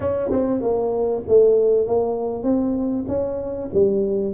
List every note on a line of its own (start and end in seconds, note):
0.00 0.30 C#4
0.31 0.61 C4
0.61 1.23 A#3
1.28 1.86 A3
1.86 2.43 A#3
2.43 3.05 C4
3.08 3.69 C#4
3.73 4.33 G3